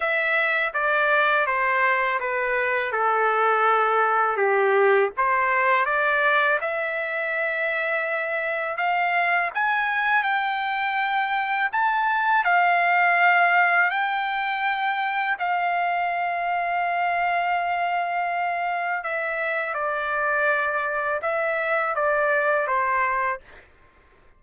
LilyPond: \new Staff \with { instrumentName = "trumpet" } { \time 4/4 \tempo 4 = 82 e''4 d''4 c''4 b'4 | a'2 g'4 c''4 | d''4 e''2. | f''4 gis''4 g''2 |
a''4 f''2 g''4~ | g''4 f''2.~ | f''2 e''4 d''4~ | d''4 e''4 d''4 c''4 | }